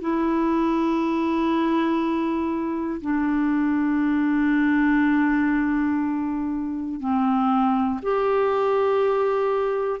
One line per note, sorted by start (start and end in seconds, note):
0.00 3.00 E4
3.00 7.00 D4
7.00 8.00 C4
8.02 10.00 G4